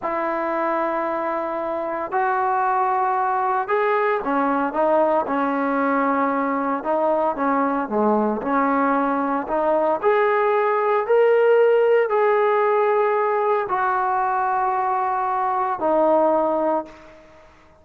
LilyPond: \new Staff \with { instrumentName = "trombone" } { \time 4/4 \tempo 4 = 114 e'1 | fis'2. gis'4 | cis'4 dis'4 cis'2~ | cis'4 dis'4 cis'4 gis4 |
cis'2 dis'4 gis'4~ | gis'4 ais'2 gis'4~ | gis'2 fis'2~ | fis'2 dis'2 | }